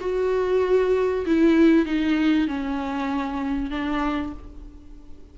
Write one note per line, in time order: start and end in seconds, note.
0.00 1.25 F#4
1.26 1.86 E4
1.86 2.47 D#4
2.47 3.70 C#4
3.70 4.33 D4